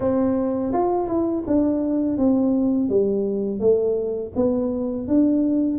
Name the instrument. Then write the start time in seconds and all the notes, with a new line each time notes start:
tuba
0.00 C4
0.72 F4
1.07 E4
1.46 D4
2.17 C4
2.89 G3
3.60 A3
4.35 B3
5.07 D4